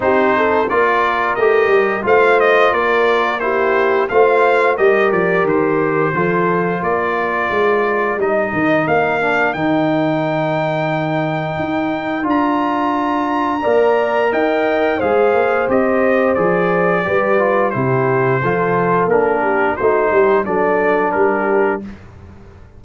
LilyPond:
<<
  \new Staff \with { instrumentName = "trumpet" } { \time 4/4 \tempo 4 = 88 c''4 d''4 dis''4 f''8 dis''8 | d''4 c''4 f''4 dis''8 d''8 | c''2 d''2 | dis''4 f''4 g''2~ |
g''2 ais''2~ | ais''4 g''4 f''4 dis''4 | d''2 c''2 | ais'4 c''4 d''4 ais'4 | }
  \new Staff \with { instrumentName = "horn" } { \time 4/4 g'8 a'8 ais'2 c''4 | ais'4 g'4 c''4 ais'4~ | ais'4 a'4 ais'2~ | ais'1~ |
ais'1 | d''4 dis''4 c''2~ | c''4 b'4 g'4 a'4~ | a'8 g'8 fis'8 g'8 a'4 g'4 | }
  \new Staff \with { instrumentName = "trombone" } { \time 4/4 dis'4 f'4 g'4 f'4~ | f'4 e'4 f'4 g'4~ | g'4 f'2. | dis'4. d'8 dis'2~ |
dis'2 f'2 | ais'2 gis'4 g'4 | gis'4 g'8 f'8 e'4 f'4 | d'4 dis'4 d'2 | }
  \new Staff \with { instrumentName = "tuba" } { \time 4/4 c'4 ais4 a8 g8 a4 | ais2 a4 g8 f8 | dis4 f4 ais4 gis4 | g8 dis8 ais4 dis2~ |
dis4 dis'4 d'2 | ais4 dis'4 gis8 ais8 c'4 | f4 g4 c4 f4 | ais4 a8 g8 fis4 g4 | }
>>